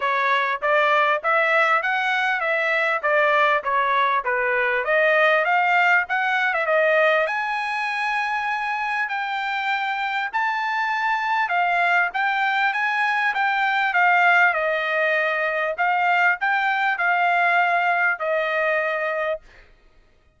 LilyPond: \new Staff \with { instrumentName = "trumpet" } { \time 4/4 \tempo 4 = 99 cis''4 d''4 e''4 fis''4 | e''4 d''4 cis''4 b'4 | dis''4 f''4 fis''8. e''16 dis''4 | gis''2. g''4~ |
g''4 a''2 f''4 | g''4 gis''4 g''4 f''4 | dis''2 f''4 g''4 | f''2 dis''2 | }